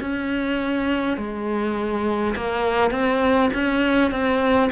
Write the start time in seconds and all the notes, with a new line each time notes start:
0.00 C#4
1.17 G#3
2.36 A#3
2.91 C4
3.53 C#4
4.11 C4